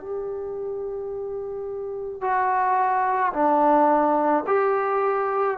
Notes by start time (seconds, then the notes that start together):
0.00 G4
2.21 F#4
3.33 D4
4.46 G4